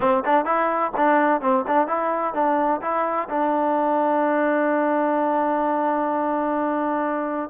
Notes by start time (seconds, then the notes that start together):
0.00 C4
0.25 D4
0.45 E4
0.97 D4
1.41 C4
1.67 D4
1.87 E4
2.34 D4
2.81 E4
3.29 D4